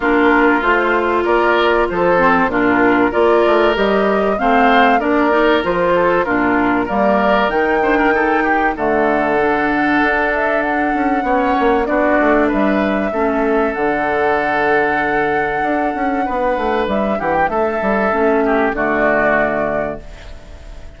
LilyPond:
<<
  \new Staff \with { instrumentName = "flute" } { \time 4/4 \tempo 4 = 96 ais'4 c''4 d''4 c''4 | ais'4 d''4 dis''4 f''4 | d''4 c''4 ais'4 d''4 | g''2 fis''2~ |
fis''8 e''8 fis''2 d''4 | e''2 fis''2~ | fis''2. e''8 fis''16 g''16 | e''2 d''2 | }
  \new Staff \with { instrumentName = "oboe" } { \time 4/4 f'2 ais'4 a'4 | f'4 ais'2 c''4 | ais'4. a'8 f'4 ais'4~ | ais'8 c''16 ais'16 a'8 g'8 a'2~ |
a'2 cis''4 fis'4 | b'4 a'2.~ | a'2 b'4. g'8 | a'4. g'8 fis'2 | }
  \new Staff \with { instrumentName = "clarinet" } { \time 4/4 d'4 f'2~ f'8 c'8 | d'4 f'4 g'4 c'4 | d'8 dis'8 f'4 d'4 ais4 | dis'8 d'8 dis'4 a4 d'4~ |
d'2 cis'4 d'4~ | d'4 cis'4 d'2~ | d'1~ | d'4 cis'4 a2 | }
  \new Staff \with { instrumentName = "bassoon" } { \time 4/4 ais4 a4 ais4 f4 | ais,4 ais8 a8 g4 a4 | ais4 f4 ais,4 g4 | dis2 d2 |
d'4. cis'8 b8 ais8 b8 a8 | g4 a4 d2~ | d4 d'8 cis'8 b8 a8 g8 e8 | a8 g8 a4 d2 | }
>>